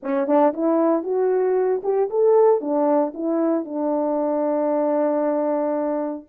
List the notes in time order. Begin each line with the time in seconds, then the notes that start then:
0.03 C#4
0.27 D4
0.53 E4
1.03 F#4
1.83 G4
2.10 A4
2.60 D4
3.14 E4
3.64 D4